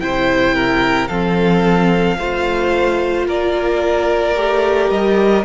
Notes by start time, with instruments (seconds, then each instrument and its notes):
0.00 cello C3, viola E4, violin C5 G5
0.55 violin A#4
1.08 cello F3, viola C4, violin A4 F5
2.18 cello A3, viola F4, violin C5
3.27 cello A#3, violin A#4 D5
4.36 cello A3, viola G4
4.90 cello G3, violin D#5